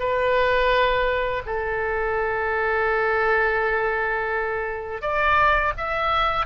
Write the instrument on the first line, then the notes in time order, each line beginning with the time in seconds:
oboe
0.00 B4
1.46 A4
5.02 D5
5.78 E5